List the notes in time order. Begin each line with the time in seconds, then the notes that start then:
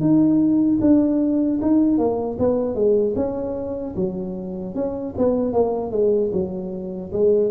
0.00 D#4
0.81 D4
1.61 D#4
1.98 A#3
2.39 B3
2.75 G#3
3.15 C#4
3.95 F#3
4.75 C#4
5.17 B3
5.53 A#3
5.91 G#3
6.32 F#3
7.12 G#3